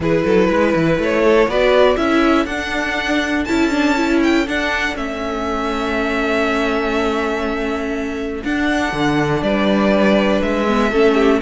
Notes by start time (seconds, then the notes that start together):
0.00 E3 E4 G#4 B4
0.24 F#3 A4
0.47 G#3 B4
0.75 E3
0.98 A3 C#5
1.24 A4
1.47 B3 F#4 B4 D5
1.95 C#4 E4 A4 E5
2.45 D4 F#5
3.44 C#4 E4 A5
3.70 D4
3.96 E4
4.22 G5
4.47 D4 F#5
4.95 A3 C#4 E5
8.43 D4 F#5
8.92 D3
9.41 G3 B4 D5
10.42 G#3 E5
10.67 B3
10.90 A3 C#4 A4
11.14 G4